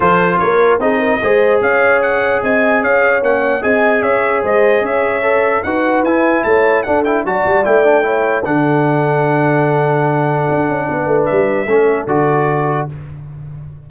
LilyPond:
<<
  \new Staff \with { instrumentName = "trumpet" } { \time 4/4 \tempo 4 = 149 c''4 cis''4 dis''2 | f''4 fis''4 gis''4 f''4 | fis''4 gis''4 e''4 dis''4 | e''2 fis''4 gis''4 |
a''4 fis''8 g''8 a''4 g''4~ | g''4 fis''2.~ | fis''1 | e''2 d''2 | }
  \new Staff \with { instrumentName = "horn" } { \time 4/4 a'4 ais'4 gis'8 ais'8 c''4 | cis''2 dis''4 cis''4~ | cis''4 dis''4 cis''4 c''4 | cis''2 b'2 |
cis''4 a'4 d''2 | cis''4 a'2.~ | a'2. b'4~ | b'4 a'2. | }
  \new Staff \with { instrumentName = "trombone" } { \time 4/4 f'2 dis'4 gis'4~ | gis'1 | cis'4 gis'2.~ | gis'4 a'4 fis'4 e'4~ |
e'4 d'8 e'8 fis'4 e'8 d'8 | e'4 d'2.~ | d'1~ | d'4 cis'4 fis'2 | }
  \new Staff \with { instrumentName = "tuba" } { \time 4/4 f4 ais4 c'4 gis4 | cis'2 c'4 cis'4 | ais4 c'4 cis'4 gis4 | cis'2 dis'4 e'4 |
a4 d'4 fis8 g8 a4~ | a4 d2.~ | d2 d'8 cis'8 b8 a8 | g4 a4 d2 | }
>>